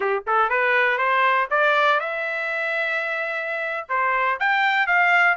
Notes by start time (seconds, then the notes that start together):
0.00 G4
0.26 A4
0.49 B4
0.98 C5
1.50 D5
2.00 E5
3.88 C5
4.39 G5
4.86 F5